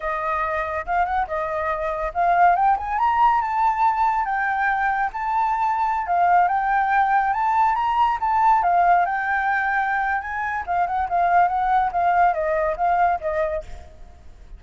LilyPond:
\new Staff \with { instrumentName = "flute" } { \time 4/4 \tempo 4 = 141 dis''2 f''8 fis''8 dis''4~ | dis''4 f''4 g''8 gis''8 ais''4 | a''2 g''2 | a''2~ a''16 f''4 g''8.~ |
g''4~ g''16 a''4 ais''4 a''8.~ | a''16 f''4 g''2~ g''8. | gis''4 f''8 fis''8 f''4 fis''4 | f''4 dis''4 f''4 dis''4 | }